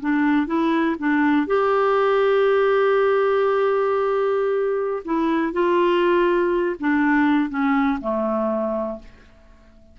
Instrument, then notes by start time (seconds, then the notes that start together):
clarinet
0.00 D4
0.47 E4
0.99 D4
1.47 G4
5.05 E4
5.53 F4
6.80 D4
7.49 C#4
8.01 A3